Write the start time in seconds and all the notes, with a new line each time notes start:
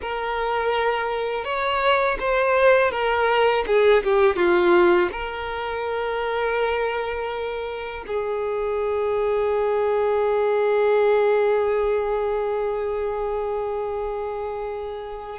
0.01 A#4
1.44 C#5
2.19 C5
2.91 A#4
3.66 G#4
4.03 G4
4.36 F4
5.12 A#4
8.07 G#4